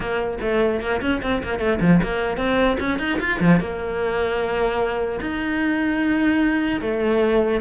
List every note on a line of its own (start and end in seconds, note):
0.00 0.38 A#3
0.41 0.81 A3
0.81 1.01 A#3
1.01 1.21 C#4
1.22 1.42 C4
1.43 1.59 A#3
1.59 1.79 A3
1.81 2.01 F3
2.02 2.37 A#3
2.37 2.77 C4
2.79 2.98 C#4
2.98 3.18 D#4
3.19 3.39 F4
3.40 3.59 F3
3.59 5.19 A#3
5.20 6.80 D#4
6.81 7.60 A3